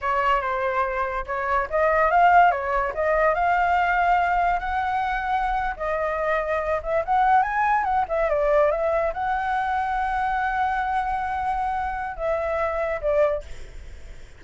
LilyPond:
\new Staff \with { instrumentName = "flute" } { \time 4/4 \tempo 4 = 143 cis''4 c''2 cis''4 | dis''4 f''4 cis''4 dis''4 | f''2. fis''4~ | fis''4.~ fis''16 dis''2~ dis''16~ |
dis''16 e''8 fis''4 gis''4 fis''8 e''8 d''16~ | d''8. e''4 fis''2~ fis''16~ | fis''1~ | fis''4 e''2 d''4 | }